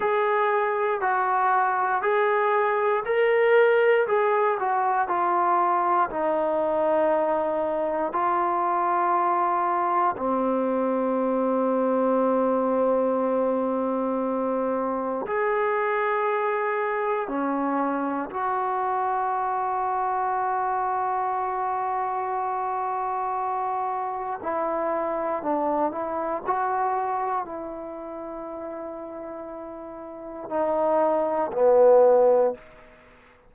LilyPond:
\new Staff \with { instrumentName = "trombone" } { \time 4/4 \tempo 4 = 59 gis'4 fis'4 gis'4 ais'4 | gis'8 fis'8 f'4 dis'2 | f'2 c'2~ | c'2. gis'4~ |
gis'4 cis'4 fis'2~ | fis'1 | e'4 d'8 e'8 fis'4 e'4~ | e'2 dis'4 b4 | }